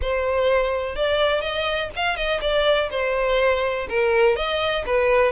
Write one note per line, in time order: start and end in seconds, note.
0.01 0.95 C5
0.95 1.41 D5
1.41 1.89 D#5
1.96 2.16 F5
2.16 2.40 D#5
2.41 2.89 D5
2.91 3.87 C5
3.89 4.35 A#4
4.35 4.84 D#5
4.86 5.32 B4